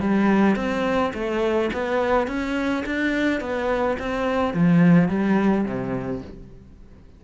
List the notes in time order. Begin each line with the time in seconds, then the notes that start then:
0.00 G3
0.56 C4
1.14 A3
1.73 B3
2.27 C#4
2.86 D4
3.40 B3
3.99 C4
4.54 F3
5.08 G3
5.65 C3